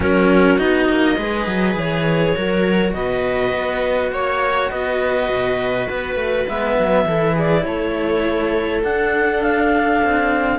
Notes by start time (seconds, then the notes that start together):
0.00 F#3 C#4 F#4 A#4
0.58 B3 D#4 D#5
0.89 A#3
1.17 G#3 G#4 B4
1.46 F#3
1.75 E3 C#5
2.36 F#3 F#4 A#4
2.93 B2 B4 D#5
3.52 B3
4.11 A#3 C#5
4.69 B3 B4 D#5
5.28 B2
5.87 B3 B4
6.15 A3
6.47 G#3 B3 E5
6.78 F#3
7.05 E3 E4 A4
7.34 G#4 D5
7.63 A3 A4 C#5
8.83 D4 F#5
9.42 F5
10.04 C4